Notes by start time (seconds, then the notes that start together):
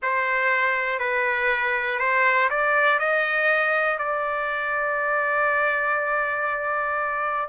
0.02 C5
0.99 B4
1.99 C5
2.50 D5
2.99 D#5
3.98 D5